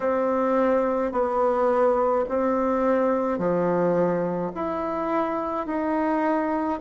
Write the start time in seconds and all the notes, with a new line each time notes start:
0.00 C4
1.12 B3
2.28 C4
3.38 F3
4.54 E4
5.66 D#4